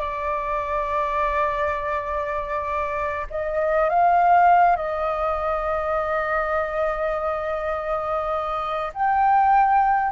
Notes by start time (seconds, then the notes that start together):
0.00 D5
3.30 D#5
3.89 F5
4.76 D#5
8.94 G5